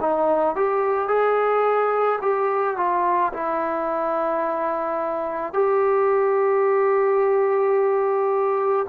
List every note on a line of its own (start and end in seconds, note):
0.00 0.56 D#4
0.56 1.08 G4
1.08 2.19 G#4
2.21 2.77 G4
2.77 3.32 F4
3.33 5.53 E4
5.53 8.86 G4